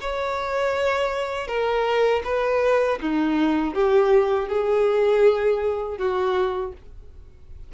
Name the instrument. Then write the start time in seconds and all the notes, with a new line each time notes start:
violin
0.00 C#5
1.47 A#4
2.24 B4
3.00 D#4
3.74 G4
4.48 G#4
5.97 F#4